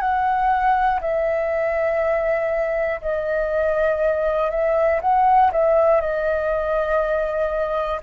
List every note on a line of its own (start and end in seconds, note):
0.00 1.00 F#5
1.01 3.01 E5
3.01 4.50 D#5
4.50 5.00 E5
5.01 5.51 F#5
5.52 6.01 E5
6.01 8.01 D#5